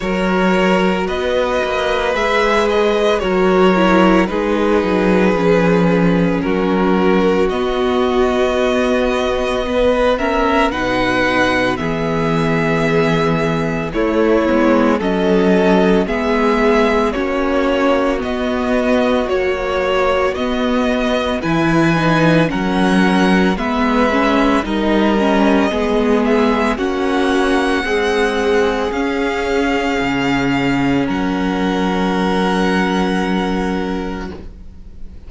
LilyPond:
<<
  \new Staff \with { instrumentName = "violin" } { \time 4/4 \tempo 4 = 56 cis''4 dis''4 e''8 dis''8 cis''4 | b'2 ais'4 dis''4~ | dis''4. e''8 fis''4 e''4~ | e''4 cis''4 dis''4 e''4 |
cis''4 dis''4 cis''4 dis''4 | gis''4 fis''4 e''4 dis''4~ | dis''8 e''8 fis''2 f''4~ | f''4 fis''2. | }
  \new Staff \with { instrumentName = "violin" } { \time 4/4 ais'4 b'2 ais'4 | gis'2 fis'2~ | fis'4 b'8 ais'8 b'4 gis'4~ | gis'4 e'4 a'4 gis'4 |
fis'1 | b'4 ais'4 b'4 ais'4 | gis'4 fis'4 gis'2~ | gis'4 ais'2. | }
  \new Staff \with { instrumentName = "viola" } { \time 4/4 fis'2 gis'4 fis'8 e'8 | dis'4 cis'2 b4~ | b4. cis'8 dis'4 b4~ | b4 a8 b8 cis'4 b4 |
cis'4 b4 fis4 b4 | e'8 dis'8 cis'4 b8 cis'8 dis'8 cis'8 | b4 cis'4 gis4 cis'4~ | cis'1 | }
  \new Staff \with { instrumentName = "cello" } { \time 4/4 fis4 b8 ais8 gis4 fis4 | gis8 fis8 f4 fis4 b4~ | b2 b,4 e4~ | e4 a8 gis8 fis4 gis4 |
ais4 b4 ais4 b4 | e4 fis4 gis4 g4 | gis4 ais4 c'4 cis'4 | cis4 fis2. | }
>>